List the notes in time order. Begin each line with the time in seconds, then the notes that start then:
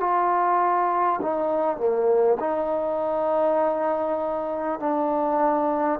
0.00 F4
1.21 D#4
1.77 A#3
2.39 D#4
4.79 D4